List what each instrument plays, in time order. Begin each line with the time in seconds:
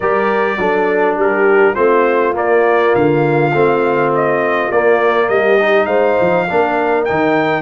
0.00 tuba G3, trombone G4, horn A#4, trumpet D5
0.58 tuba F#3, trombone D4, horn A4
1.16 tuba G3, horn G4, trumpet A#4
1.74 tuba A3, trombone C4, horn F4, trumpet C5
2.33 trombone A#3, tuba A#3, trumpet D5
2.95 tuba D3, trumpet F5
3.52 tuba A3, trombone C4
4.14 trumpet D#5
4.70 tuba A#3, trombone A#3, trumpet D5
5.29 tuba G3, horn G4, trumpet D#5
5.59 trombone D#4
5.86 tuba G#3, horn C5, trumpet F5
6.20 tuba F3
6.47 tuba A#3, trombone D4, horn A#4
7.04 tuba D#3, trombone D#4, trumpet G5